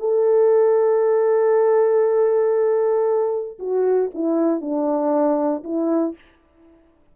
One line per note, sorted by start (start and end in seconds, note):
0.00 3.59 A4
3.60 4.11 F#4
4.15 4.61 E4
4.61 5.64 D4
5.64 6.15 E4